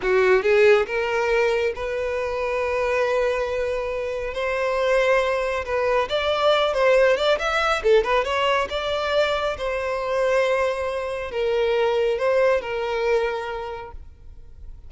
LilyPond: \new Staff \with { instrumentName = "violin" } { \time 4/4 \tempo 4 = 138 fis'4 gis'4 ais'2 | b'1~ | b'2 c''2~ | c''4 b'4 d''4. c''8~ |
c''8 d''8 e''4 a'8 b'8 cis''4 | d''2 c''2~ | c''2 ais'2 | c''4 ais'2. | }